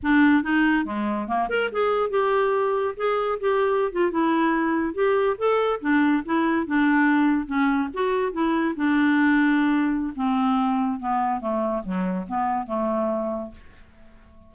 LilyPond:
\new Staff \with { instrumentName = "clarinet" } { \time 4/4 \tempo 4 = 142 d'4 dis'4 gis4 ais8 ais'8 | gis'4 g'2 gis'4 | g'4~ g'16 f'8 e'2 g'16~ | g'8. a'4 d'4 e'4 d'16~ |
d'4.~ d'16 cis'4 fis'4 e'16~ | e'8. d'2.~ d'16 | c'2 b4 a4 | fis4 b4 a2 | }